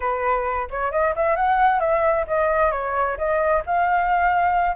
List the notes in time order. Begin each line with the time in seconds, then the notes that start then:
0.00 B4
0.70 C#5
0.91 D#5
1.15 E5
1.36 F#5
1.80 E5
2.27 D#5
2.71 C#5
3.17 D#5
3.65 F5